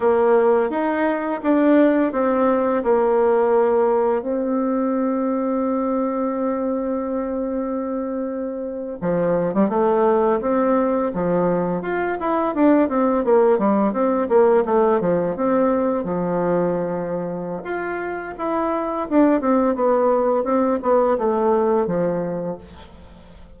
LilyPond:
\new Staff \with { instrumentName = "bassoon" } { \time 4/4 \tempo 4 = 85 ais4 dis'4 d'4 c'4 | ais2 c'2~ | c'1~ | c'8. f8. g16 a4 c'4 f16~ |
f8. f'8 e'8 d'8 c'8 ais8 g8 c'16~ | c'16 ais8 a8 f8 c'4 f4~ f16~ | f4 f'4 e'4 d'8 c'8 | b4 c'8 b8 a4 f4 | }